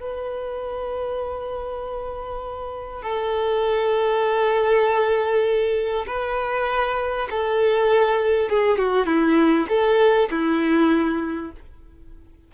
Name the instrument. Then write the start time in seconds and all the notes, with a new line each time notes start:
violin
0.00 B4
3.02 A4
6.07 B4
7.31 A4
8.50 G#4
8.78 F#4
9.06 E4
9.69 A4
10.31 E4